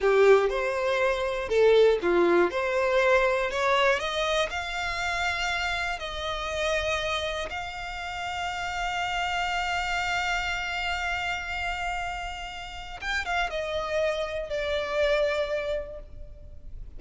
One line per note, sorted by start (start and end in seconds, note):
0.00 0.49 G4
0.49 1.48 C5
1.48 1.98 A4
2.02 2.50 F4
2.50 3.50 C5
3.50 3.99 C#5
3.99 4.49 D#5
4.50 5.99 F5
5.99 7.49 D#5
7.50 13.00 F5
13.01 13.25 G5
13.25 13.50 F5
13.50 14.49 D#5
14.49 15.99 D5